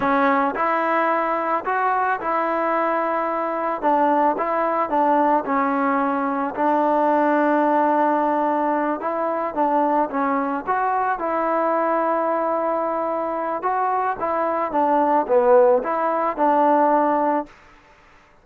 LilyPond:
\new Staff \with { instrumentName = "trombone" } { \time 4/4 \tempo 4 = 110 cis'4 e'2 fis'4 | e'2. d'4 | e'4 d'4 cis'2 | d'1~ |
d'8 e'4 d'4 cis'4 fis'8~ | fis'8 e'2.~ e'8~ | e'4 fis'4 e'4 d'4 | b4 e'4 d'2 | }